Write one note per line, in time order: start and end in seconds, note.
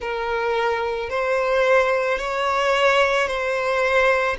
0.00 1.09 A#4
1.09 2.18 C5
2.18 3.27 C#5
3.27 4.36 C5